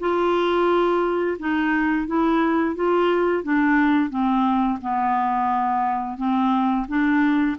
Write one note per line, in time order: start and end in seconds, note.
0.00 1.38 F4
1.39 2.07 D#4
2.07 2.76 E4
2.76 3.44 F4
3.44 4.10 D4
4.10 4.79 C4
4.82 6.18 B3
6.18 6.87 C4
6.88 7.57 D4